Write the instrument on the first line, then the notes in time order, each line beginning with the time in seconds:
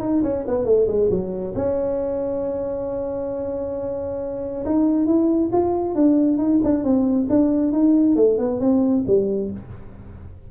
tuba
0.00 D#4
0.22 C#4
0.47 B3
0.65 A3
0.87 G#3
1.09 F#3
1.55 C#4
4.65 D#4
5.06 E4
5.52 F4
5.95 D4
6.37 D#4
6.63 D4
6.83 C4
7.29 D4
7.72 D#4
8.16 A3
8.38 B3
8.60 C4
9.06 G3